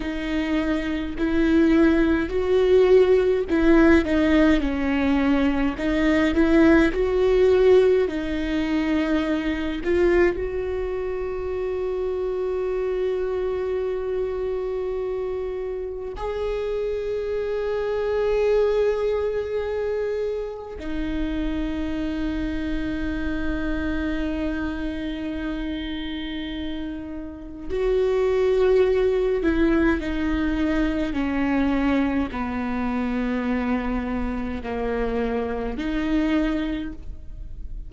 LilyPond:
\new Staff \with { instrumentName = "viola" } { \time 4/4 \tempo 4 = 52 dis'4 e'4 fis'4 e'8 dis'8 | cis'4 dis'8 e'8 fis'4 dis'4~ | dis'8 f'8 fis'2.~ | fis'2 gis'2~ |
gis'2 dis'2~ | dis'1 | fis'4. e'8 dis'4 cis'4 | b2 ais4 dis'4 | }